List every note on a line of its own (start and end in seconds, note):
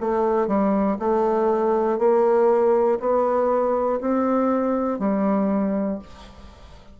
0.00 0.47 A3
0.47 0.97 G3
0.99 1.99 A3
1.99 2.99 A#3
3.00 4.00 B3
4.00 4.99 C4
4.99 5.99 G3